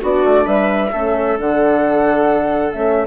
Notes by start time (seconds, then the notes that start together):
0.00 B3 D4 F#4 D5
0.24 A3
0.45 G3 B4 E5
0.92 A3 C#4 A4
1.37 D3 D4 F#5
2.72 A3 C#4 E5